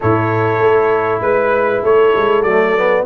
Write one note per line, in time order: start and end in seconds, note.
0.00 0.59 A2
0.00 2.46 E4
0.00 1.21 A4
0.00 1.21 C#5
0.59 1.20 A3
1.20 1.81 G#3
1.20 1.82 B4
1.20 1.83 B4
1.82 2.13 A3
1.82 3.06 A4
1.82 2.42 C#5
2.16 2.43 G#3
2.42 3.05 F#3
2.42 2.76 A3
2.42 3.04 D5
2.76 3.06 B3